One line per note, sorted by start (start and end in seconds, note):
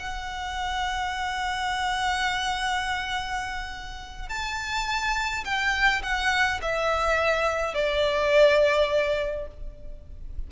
0.00 4.30 F#5
4.30 5.45 A5
5.45 6.03 G5
6.03 6.61 F#5
6.62 7.75 E5
7.75 9.48 D5